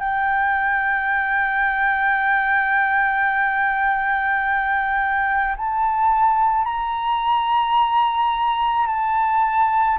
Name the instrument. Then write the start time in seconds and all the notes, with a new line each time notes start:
flute
0.00 G5
5.57 A5
6.65 A#5
8.87 A5